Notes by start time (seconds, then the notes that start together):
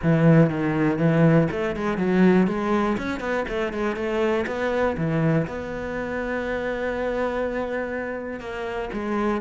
0.02 E3
0.50 D#3
0.98 E3
1.51 A3
1.76 G#3
1.97 F#3
2.47 G#3
2.97 C#4
3.20 B3
3.48 A3
3.73 G#3
3.96 A3
4.46 B3
4.97 E3
5.47 B3
8.40 A#3
8.93 G#3